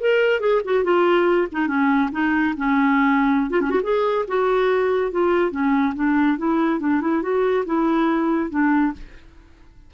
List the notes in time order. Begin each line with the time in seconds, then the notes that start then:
0.00 A#4
0.40 G#4
0.65 F#4
0.84 F4
1.52 D#4
1.67 C#4
2.12 D#4
2.57 C#4
3.50 F4
3.61 C#4
3.70 F#4
3.83 G#4
4.28 F#4
5.11 F4
5.51 C#4
5.95 D4
6.38 E4
6.80 D4
7.01 E4
7.22 F#4
7.66 E4
8.50 D4